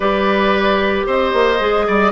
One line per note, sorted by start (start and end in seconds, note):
0.00 1.06 G3
0.00 1.58 G4
0.00 1.06 B4
0.00 1.05 D5
1.06 1.33 C4
1.06 1.86 C5
1.06 2.11 D#5
1.33 1.59 A#3
1.59 1.87 G#3
1.59 2.11 G#4
1.87 2.11 G3
1.87 2.11 D5